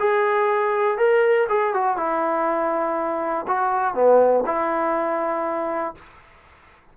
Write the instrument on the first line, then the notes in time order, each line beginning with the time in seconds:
trombone
0.00 G#4
0.98 A#4
1.49 G#4
1.74 F#4
1.97 E4
3.48 F#4
3.94 B3
4.46 E4